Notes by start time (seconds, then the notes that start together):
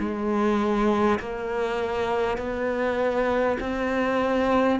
0.00 G#3
1.20 A#3
2.38 B3
3.61 C4